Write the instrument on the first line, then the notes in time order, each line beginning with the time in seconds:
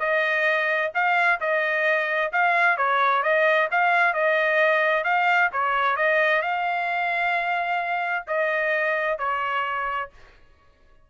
trumpet
0.00 D#5
0.95 F5
1.41 D#5
2.33 F5
2.78 C#5
3.23 D#5
3.71 F5
4.14 D#5
5.04 F5
5.53 C#5
5.96 D#5
6.42 F5
8.28 D#5
9.19 C#5